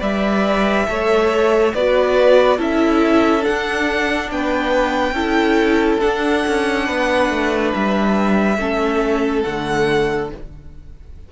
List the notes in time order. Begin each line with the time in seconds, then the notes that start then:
0.00 G3 B4 D5 E5
0.87 A3 A4 C#5
1.74 B3 F#4 B4 D5
2.58 C#4 E4 A4 E5
3.41 D4 F#5
3.49 D4
4.32 B3 B4 G5
5.12 C#4 E4 A4
6.00 D4 F#5
6.47 C#4
6.86 B3 B4
7.30 A3
7.75 G3 E5
8.58 A3 C#4 A4
9.43 D3 A3 F#5